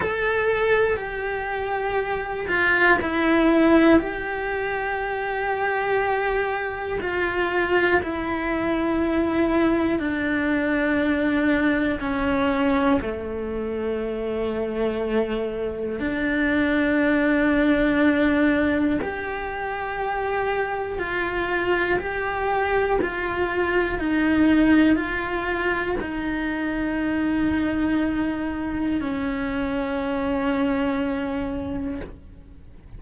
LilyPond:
\new Staff \with { instrumentName = "cello" } { \time 4/4 \tempo 4 = 60 a'4 g'4. f'8 e'4 | g'2. f'4 | e'2 d'2 | cis'4 a2. |
d'2. g'4~ | g'4 f'4 g'4 f'4 | dis'4 f'4 dis'2~ | dis'4 cis'2. | }